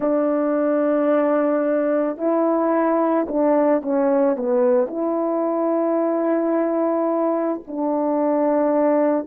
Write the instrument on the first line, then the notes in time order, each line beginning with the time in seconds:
horn
0.00 D4
2.17 E4
3.28 D4
3.82 C#4
4.36 B3
4.87 E4
7.67 D4